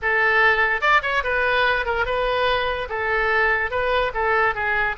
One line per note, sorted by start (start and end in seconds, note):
0.02 0.81 A4
0.81 1.01 D5
1.02 1.23 C#5
1.23 1.85 B4
1.85 2.05 A#4
2.05 2.88 B4
2.89 3.70 A4
3.70 4.12 B4
4.13 4.54 A4
4.54 4.96 G#4